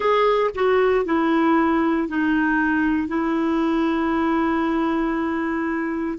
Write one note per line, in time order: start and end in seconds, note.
0.00 0.50 G#4
0.55 1.05 F#4
1.05 2.08 E4
2.08 3.08 D#4
3.08 6.18 E4